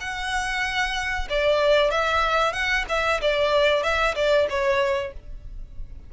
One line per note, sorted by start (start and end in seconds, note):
0.00 1.28 F#5
1.29 1.90 D5
1.90 2.52 E5
2.52 2.84 F#5
2.88 3.20 E5
3.21 3.83 D5
3.83 4.15 E5
4.15 4.47 D5
4.49 5.13 C#5